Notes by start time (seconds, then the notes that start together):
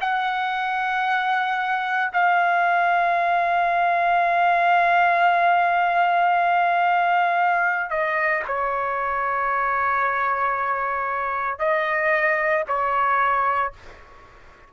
0.00 F#5
2.12 F5
7.90 D#5
8.47 C#5
11.59 D#5
12.67 C#5